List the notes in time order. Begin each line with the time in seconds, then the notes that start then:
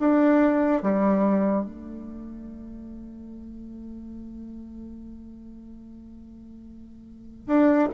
0.00 D4
0.83 G3
1.66 A3
7.47 D4